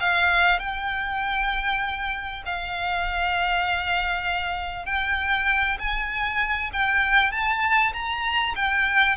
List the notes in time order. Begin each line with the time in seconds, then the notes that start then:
0.00 F5
0.59 G5
2.46 F5
4.86 G5
5.79 G#5
6.73 G5
7.32 A5
7.93 A#5
8.56 G5